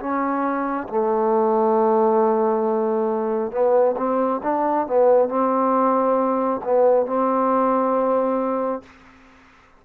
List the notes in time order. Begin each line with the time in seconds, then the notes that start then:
0.00 C#4
0.89 A3
3.51 B3
3.97 C4
4.43 D4
4.87 B3
5.29 C4
6.64 B3
7.07 C4